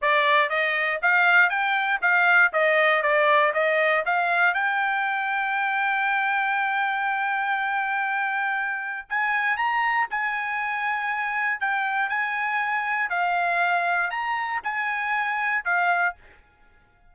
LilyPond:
\new Staff \with { instrumentName = "trumpet" } { \time 4/4 \tempo 4 = 119 d''4 dis''4 f''4 g''4 | f''4 dis''4 d''4 dis''4 | f''4 g''2.~ | g''1~ |
g''2 gis''4 ais''4 | gis''2. g''4 | gis''2 f''2 | ais''4 gis''2 f''4 | }